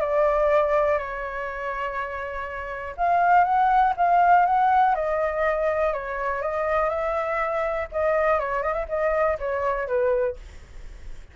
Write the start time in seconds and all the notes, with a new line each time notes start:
0.00 D5
0.98 C#5
2.97 F5
3.44 F#5
3.96 F5
4.45 F#5
4.95 D#5
5.92 C#5
6.41 D#5
6.89 E5
7.91 D#5
8.39 C#5
8.62 D#5
8.73 E5
8.88 D#5
9.39 C#5
9.87 B4